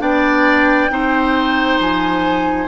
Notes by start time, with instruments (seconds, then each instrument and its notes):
0.00 bassoon B3, clarinet D4, oboe D5, flute G5
0.90 bassoon C4, clarinet D#4, oboe C5
1.79 bassoon F3, flute G#5